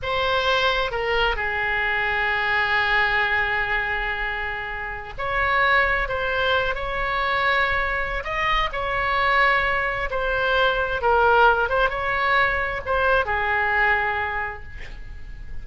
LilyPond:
\new Staff \with { instrumentName = "oboe" } { \time 4/4 \tempo 4 = 131 c''2 ais'4 gis'4~ | gis'1~ | gis'2.~ gis'16 cis''8.~ | cis''4~ cis''16 c''4. cis''4~ cis''16~ |
cis''2 dis''4 cis''4~ | cis''2 c''2 | ais'4. c''8 cis''2 | c''4 gis'2. | }